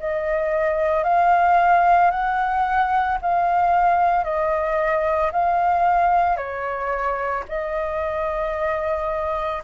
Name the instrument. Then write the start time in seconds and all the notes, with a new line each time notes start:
flute
0.00 D#5
1.04 F5
2.11 F#5
3.21 F5
4.24 D#5
5.32 F5
6.37 C#5
7.49 D#5